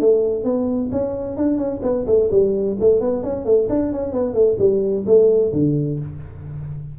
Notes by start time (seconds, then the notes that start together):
0.00 A3
0.44 B3
0.92 C#4
1.37 D4
1.58 C#4
1.83 B3
2.07 A3
2.31 G3
2.80 A3
3.00 B3
3.23 C#4
3.45 A3
3.69 D4
3.92 C#4
4.12 B3
4.34 A3
4.59 G3
5.06 A3
5.53 D3